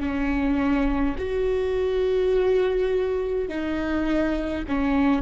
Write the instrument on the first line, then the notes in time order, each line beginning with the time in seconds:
viola
0.00 C#4
1.19 F#4
3.48 D#4
4.68 C#4